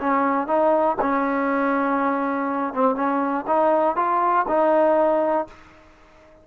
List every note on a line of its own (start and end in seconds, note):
0.00 0.47 C#4
0.47 0.97 D#4
1.01 2.74 C#4
2.74 2.95 C4
2.95 3.45 C#4
3.47 3.96 D#4
3.96 4.46 F4
4.48 5.47 D#4